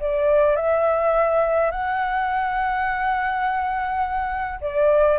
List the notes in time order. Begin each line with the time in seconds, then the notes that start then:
0.00 D5
0.56 E5
1.71 F#5
4.61 D5